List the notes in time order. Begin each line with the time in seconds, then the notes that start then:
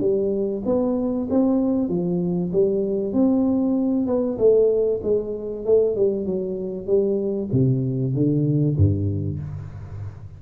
0.00 G3
0.65 B3
1.30 C4
1.88 F3
2.52 G3
3.12 C4
4.07 B3
4.38 A3
5.03 G#3
5.65 A3
5.95 G3
6.26 F#3
6.86 G3
7.52 C3
8.14 D3
8.77 G2